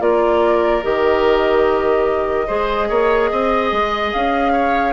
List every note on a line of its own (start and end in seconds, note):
0.00 0.83 A#3
0.00 0.82 F4
0.00 2.47 A#4
0.00 0.83 D5
0.83 2.49 D#3
0.83 2.47 G4
0.83 4.12 D#5
2.47 2.90 G#3
2.47 4.93 G#4
2.47 2.88 C5
2.89 3.31 A#3
2.89 3.30 C#5
3.31 3.72 C4
3.31 4.53 D#5
3.72 4.13 G#3
4.12 4.93 C#4
4.12 4.93 F5
4.53 4.93 C#5